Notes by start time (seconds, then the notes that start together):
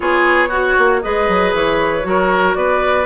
0.00 B3 F4 G#4 C#5
0.49 F#4
0.77 A#3
1.02 G#3 G#4 B4 D#5
1.28 F#3
1.53 E3 C#5
2.02 F#3 F#4 A#4
2.54 B3 B4 D5